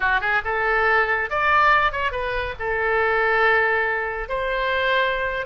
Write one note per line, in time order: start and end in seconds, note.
0.00 0.20 F#4
0.20 0.42 G#4
0.44 1.30 A4
1.30 1.91 D5
1.91 2.11 C#5
2.11 2.54 B4
2.59 4.28 A4
4.28 5.45 C5